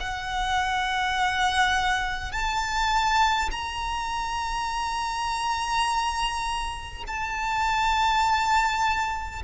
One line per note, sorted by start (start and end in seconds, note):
0.00 2.32 F#5
2.32 3.50 A5
3.51 7.04 A#5
7.07 9.43 A5